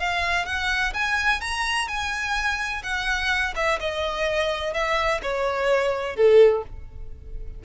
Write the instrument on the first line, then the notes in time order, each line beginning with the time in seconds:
violin
0.00 F5
0.46 F#5
0.94 G#5
1.41 A#5
1.89 G#5
2.84 F#5
3.56 E5
3.81 D#5
4.74 E5
5.23 C#5
6.16 A4